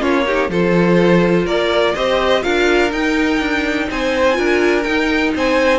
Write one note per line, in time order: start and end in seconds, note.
0.00 0.49 A#3
0.00 0.25 C#4
0.00 0.24 F4
0.00 0.51 C#5
0.26 0.50 D#4
0.26 0.51 G4
0.49 1.46 F3
0.49 1.96 F4
0.49 1.45 A4
0.49 1.47 C5
1.45 1.95 A#3
1.45 1.94 A#4
1.45 1.95 D5
1.95 2.45 C4
1.95 2.42 G4
1.95 2.44 C5
1.95 2.43 D#5
2.42 2.92 D4
2.42 2.91 F4
2.42 3.89 A#4
2.42 2.92 F5
2.92 4.34 D#4
2.92 3.40 D#4
2.92 3.90 G5
3.40 3.89 D4
3.91 4.39 C4
3.91 4.37 C5
3.91 4.83 G#5
4.34 4.86 D4
4.34 4.82 F4
4.34 5.34 A#4
4.83 5.35 D#4
4.83 5.79 D#4
4.83 5.32 G5
5.35 5.79 C4
5.35 5.79 C5
5.35 5.79 G#5